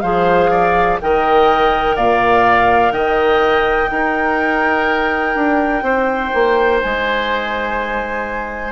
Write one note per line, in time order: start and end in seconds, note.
0.00 0.99 F3
0.00 1.00 G#4
0.00 0.50 C5
0.00 0.97 F5
0.50 0.99 D5
1.01 1.96 D#3
1.01 3.90 A#4
1.01 1.96 D#5
1.01 1.96 G5
1.96 2.91 A#2
1.96 2.92 D5
1.96 2.91 F5
2.91 3.88 D#3
2.91 3.90 D#5
2.91 6.78 G5
3.90 8.72 D#4
3.90 5.35 D#4
3.90 5.83 A#4
5.35 5.82 D4
5.82 6.30 C4
5.82 8.72 C5
6.34 6.82 A#3
6.81 8.72 G#3
6.81 8.72 G#5